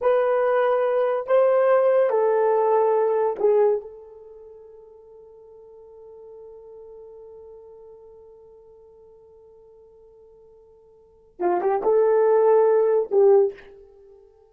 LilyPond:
\new Staff \with { instrumentName = "horn" } { \time 4/4 \tempo 4 = 142 b'2. c''4~ | c''4 a'2. | gis'4 a'2.~ | a'1~ |
a'1~ | a'1~ | a'2. f'8 g'8 | a'2. g'4 | }